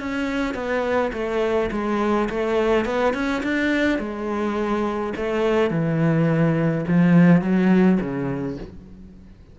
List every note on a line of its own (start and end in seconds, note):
0.00 0.55 C#4
0.55 1.12 B3
1.13 1.70 A3
1.72 2.29 G#3
2.30 2.85 A3
2.85 3.14 B3
3.14 3.43 C#4
3.44 3.99 D4
3.99 5.14 G#3
5.17 5.71 A3
5.71 6.85 E3
6.88 7.42 F3
7.42 7.99 F#3
8.01 8.58 C#3